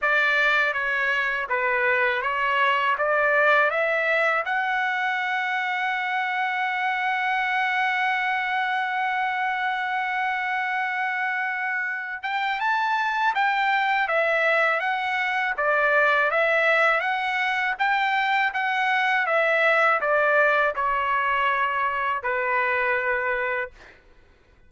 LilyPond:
\new Staff \with { instrumentName = "trumpet" } { \time 4/4 \tempo 4 = 81 d''4 cis''4 b'4 cis''4 | d''4 e''4 fis''2~ | fis''1~ | fis''1~ |
fis''8 g''8 a''4 g''4 e''4 | fis''4 d''4 e''4 fis''4 | g''4 fis''4 e''4 d''4 | cis''2 b'2 | }